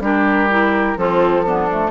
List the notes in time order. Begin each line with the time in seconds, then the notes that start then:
0.00 G3 D4 G4 A#4
0.50 E4
0.97 F3 C4 F4 A4
1.45 B3 D4
1.70 A3